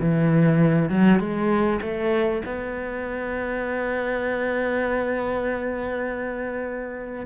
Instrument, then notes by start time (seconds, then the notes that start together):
cello
0.00 E3
0.89 F#3
1.19 G#3
1.81 A3
2.45 B3